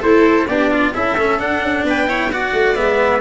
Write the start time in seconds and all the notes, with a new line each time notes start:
0.00 A3 E4 A4 C5
0.47 B3 D4 G4 D5
0.72 F4
0.94 C#4 E4 A4 E5
1.17 A3 C#4
1.39 D4 F#5
1.61 C#4
1.83 B3 B4 G5
2.07 E4 C#5
2.32 F#4 D5 F#5
2.53 A3
2.75 G#3 B3 E5